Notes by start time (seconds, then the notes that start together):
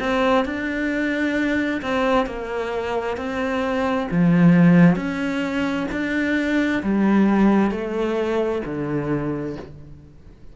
0.00 C4
0.45 D4
1.82 C4
2.26 A#3
3.17 C4
4.11 F3
4.96 C#4
5.92 D4
6.83 G3
7.71 A3
8.66 D3